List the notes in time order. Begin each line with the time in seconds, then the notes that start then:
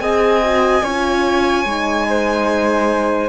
0.00 C4 G#4 D#5 G#5
0.43 F#4
0.83 C#4 F4 C#5
1.65 G#3 D#4
2.09 C5